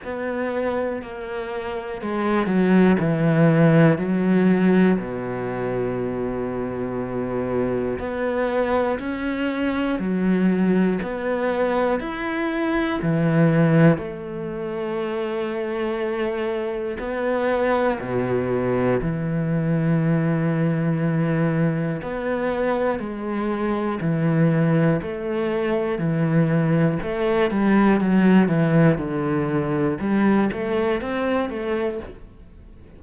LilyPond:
\new Staff \with { instrumentName = "cello" } { \time 4/4 \tempo 4 = 60 b4 ais4 gis8 fis8 e4 | fis4 b,2. | b4 cis'4 fis4 b4 | e'4 e4 a2~ |
a4 b4 b,4 e4~ | e2 b4 gis4 | e4 a4 e4 a8 g8 | fis8 e8 d4 g8 a8 c'8 a8 | }